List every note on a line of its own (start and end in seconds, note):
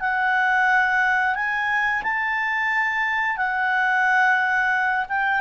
0.00 1.35 F#5
1.35 2.02 G#5
2.03 3.37 A5
3.37 5.05 F#5
5.08 5.40 G5